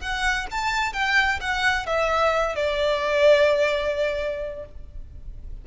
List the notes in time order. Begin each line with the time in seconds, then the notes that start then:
0.00 F#5
0.51 A5
0.93 G5
1.40 F#5
1.86 E5
2.56 D5